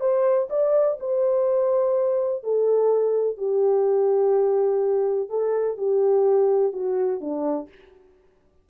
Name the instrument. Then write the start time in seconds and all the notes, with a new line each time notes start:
horn
0.00 C5
0.50 D5
0.99 C5
2.43 A4
3.37 G4
5.29 A4
5.77 G4
6.72 F#4
7.20 D4